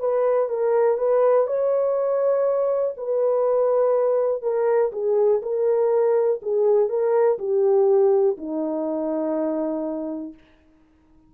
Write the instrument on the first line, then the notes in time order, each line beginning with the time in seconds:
horn
0.00 B4
0.50 A#4
0.98 B4
1.47 C#5
2.97 B4
4.43 A#4
4.92 G#4
5.43 A#4
6.42 G#4
6.89 A#4
7.39 G4
8.37 D#4